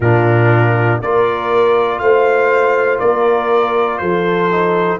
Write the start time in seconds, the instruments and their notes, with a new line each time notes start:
0.00 tuba A#2, trombone D4, horn F4, trumpet A#4
1.01 tuba A#3, trombone F4, horn A#4, trumpet D5
1.98 tuba A3, horn C5, trumpet F5
2.99 tuba A#3, horn A#4, trumpet D5
3.98 tuba F3, horn A4, trumpet C5
4.50 trombone D#4